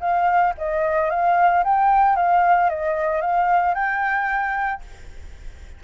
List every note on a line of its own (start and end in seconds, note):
0.00 0.54 F5
0.57 1.10 D#5
1.10 1.63 F5
1.64 2.16 G5
2.16 2.69 F5
2.69 3.21 D#5
3.21 3.74 F5
3.74 4.81 G5